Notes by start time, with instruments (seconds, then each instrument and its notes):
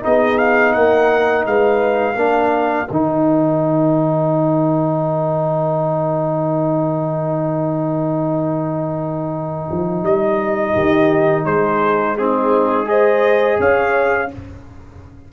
0.00 tuba B3, trombone D#4, horn G#4, trumpet D#5
0.38 trumpet F5
0.73 tuba A#3, horn A#4, trumpet F#5
1.46 tuba G#3, horn B4, trumpet F5
2.15 tuba A#3, trombone D4, horn A#4
2.89 tuba D#3, trombone D#4, trumpet G5
9.71 tuba F3
10.03 tuba G3, trumpet D#5
10.74 tuba D#3, horn G4
11.45 tuba G#3, horn G#4, trumpet C5
12.18 trombone C4, horn D#4, trumpet G#4
12.85 trombone G#4, horn C5, trumpet D#5
13.59 tuba C#4, horn C#5, trumpet F5